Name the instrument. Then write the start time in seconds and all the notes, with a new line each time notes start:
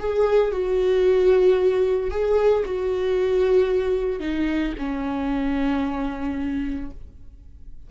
viola
0.00 G#4
0.52 F#4
2.11 G#4
2.65 F#4
4.20 D#4
4.79 C#4